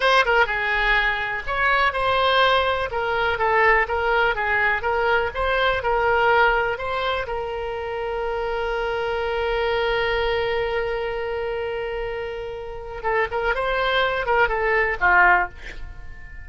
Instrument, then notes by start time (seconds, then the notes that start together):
oboe
0.00 C5
0.25 A#4
0.46 G#4
1.46 C#5
1.92 C5
2.91 A#4
3.38 A4
3.88 A#4
4.35 G#4
4.82 A#4
5.34 C5
5.82 A#4
6.78 C5
7.26 A#4
13.02 A4
13.31 A#4
13.54 C5
14.26 A#4
14.48 A4
15.00 F4